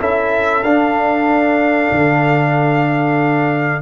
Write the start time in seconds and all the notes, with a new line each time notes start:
0.00 C#4 E4 A4 E5
0.63 D4 F5
1.92 D3